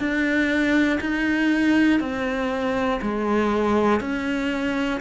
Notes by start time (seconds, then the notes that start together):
0.00 D4
1.01 D#4
2.01 C4
3.02 G#3
4.01 C#4